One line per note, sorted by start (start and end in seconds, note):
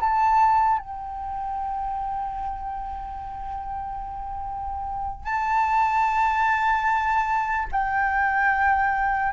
0.00 0.78 A5
0.78 5.24 G5
5.24 7.67 A5
7.71 9.32 G5